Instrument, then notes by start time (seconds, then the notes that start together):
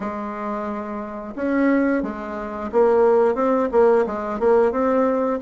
bassoon
0.00 G#3
1.35 C#4
2.03 G#3
2.72 A#3
3.35 C4
3.71 A#3
4.06 G#3
4.39 A#3
4.71 C4